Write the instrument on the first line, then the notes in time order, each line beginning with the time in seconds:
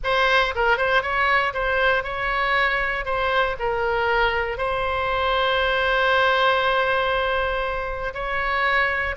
oboe
0.03 C5
0.55 A#4
0.77 C5
1.02 C#5
1.53 C5
2.03 C#5
3.05 C5
3.59 A#4
4.57 C5
8.14 C#5